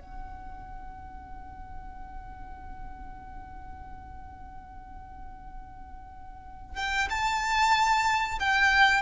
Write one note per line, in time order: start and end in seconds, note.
0.00 6.77 F#5
6.77 7.09 G5
7.10 8.39 A5
8.40 9.02 G5